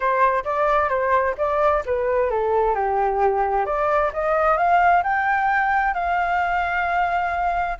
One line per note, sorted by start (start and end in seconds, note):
0.00 0.44 C5
0.44 0.89 D5
0.89 1.34 C5
1.37 1.83 D5
1.85 2.30 B4
2.30 2.74 A4
2.74 3.65 G4
3.65 4.11 D5
4.13 4.57 D#5
4.57 5.03 F5
5.03 5.94 G5
5.94 7.77 F5